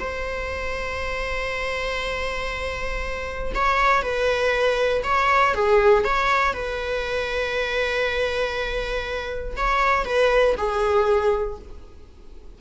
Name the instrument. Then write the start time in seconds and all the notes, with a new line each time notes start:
viola
0.00 C5
3.55 C#5
4.03 B4
5.04 C#5
5.55 G#4
6.05 C#5
6.54 B4
9.57 C#5
10.05 B4
10.58 G#4